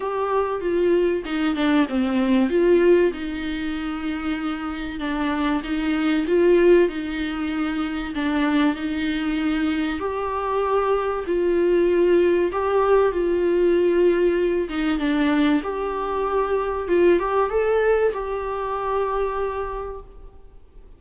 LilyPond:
\new Staff \with { instrumentName = "viola" } { \time 4/4 \tempo 4 = 96 g'4 f'4 dis'8 d'8 c'4 | f'4 dis'2. | d'4 dis'4 f'4 dis'4~ | dis'4 d'4 dis'2 |
g'2 f'2 | g'4 f'2~ f'8 dis'8 | d'4 g'2 f'8 g'8 | a'4 g'2. | }